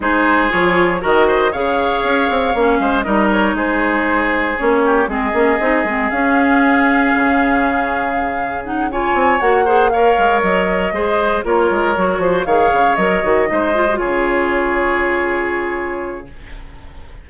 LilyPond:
<<
  \new Staff \with { instrumentName = "flute" } { \time 4/4 \tempo 4 = 118 c''4 cis''4 dis''4 f''4~ | f''2 dis''8 cis''8 c''4~ | c''4 cis''4 dis''2 | f''1~ |
f''4 fis''8 gis''4 fis''4 f''8~ | f''8 dis''2 cis''4.~ | cis''8 f''4 dis''2 cis''8~ | cis''1 | }
  \new Staff \with { instrumentName = "oboe" } { \time 4/4 gis'2 ais'8 c''8 cis''4~ | cis''4. c''8 ais'4 gis'4~ | gis'4. g'8 gis'2~ | gis'1~ |
gis'4. cis''4. c''8 cis''8~ | cis''4. c''4 ais'4. | c''8 cis''2 c''4 gis'8~ | gis'1 | }
  \new Staff \with { instrumentName = "clarinet" } { \time 4/4 dis'4 f'4 fis'4 gis'4~ | gis'4 cis'4 dis'2~ | dis'4 cis'4 c'8 cis'8 dis'8 c'8 | cis'1~ |
cis'4 dis'8 f'4 fis'8 gis'8 ais'8~ | ais'4. gis'4 f'4 fis'8~ | fis'8 gis'4 ais'8 fis'8 dis'8 f'16 fis'16 f'8~ | f'1 | }
  \new Staff \with { instrumentName = "bassoon" } { \time 4/4 gis4 f4 dis4 cis4 | cis'8 c'8 ais8 gis8 g4 gis4~ | gis4 ais4 gis8 ais8 c'8 gis8 | cis'2 cis2~ |
cis2 c'8 ais4. | gis8 fis4 gis4 ais8 gis8 fis8 | f8 dis8 cis8 fis8 dis8 gis4 cis8~ | cis1 | }
>>